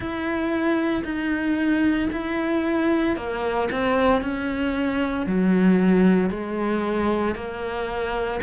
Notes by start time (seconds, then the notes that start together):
0.00 E4
1.04 D#4
2.11 E4
3.16 A#3
3.71 C4
4.21 C#4
5.26 F#3
6.30 G#3
7.35 A#3